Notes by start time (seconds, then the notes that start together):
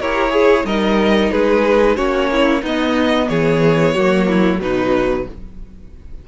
0.00 E4 G4 A#4 C#5
0.30 G#4
0.64 G3 D#4 A#4 D#5
1.31 G#3 G#4 B4
1.97 A#3 C#4 F#4 C#5
2.32 E4
2.62 B3 D#4 D#5
3.29 E3 G#4 C#5
3.94 F#3 A#3 F#4
4.28 E4
4.59 B2 F#3 D#4 B4